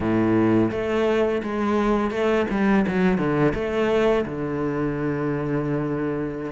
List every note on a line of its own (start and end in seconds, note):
0.00 0.71 A2
0.71 1.41 A3
1.42 2.10 G#3
2.10 2.45 A3
2.50 2.85 G3
2.87 3.18 F#3
3.18 3.53 D3
3.54 4.25 A3
4.25 6.51 D3